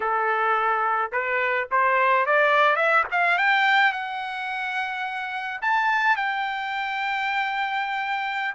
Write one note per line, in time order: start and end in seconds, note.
0.00 1.11 A4
1.12 1.68 B4
1.71 2.26 C5
2.26 2.76 D5
2.76 3.04 E5
3.11 3.38 F5
3.38 3.92 G5
3.92 5.60 F#5
5.61 6.16 A5
6.16 8.54 G5